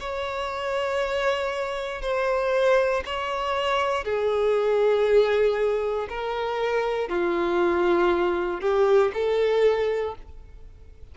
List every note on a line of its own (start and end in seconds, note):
0.00 2.02 C#5
2.02 3.03 C5
3.05 4.04 C#5
4.04 6.08 G#4
6.09 7.09 A#4
7.09 8.61 F4
8.61 9.12 G4
9.13 10.15 A4